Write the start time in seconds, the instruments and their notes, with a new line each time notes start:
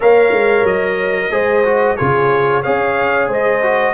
0.00 tuba A#3, trombone A#4, horn C#5, trumpet F5
0.31 tuba G#3
0.63 tuba F#3, trumpet D#5
1.30 tuba G#3, trombone G#4, horn C5
1.64 trombone F#4
1.96 tuba C#3, trombone F4, horn G#4, trumpet C#5
2.62 tuba C#4, trombone G#4, horn C#5, trumpet F5
3.28 tuba G#3, horn C5, trumpet D#5
3.62 trombone F#4